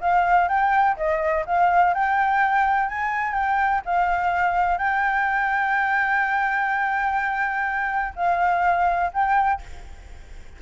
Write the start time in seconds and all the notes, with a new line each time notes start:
0.00 F5
0.48 G5
0.96 D#5
1.46 F5
1.94 G5
2.88 G#5
3.33 G5
3.85 F5
4.78 G5
8.15 F5
9.13 G5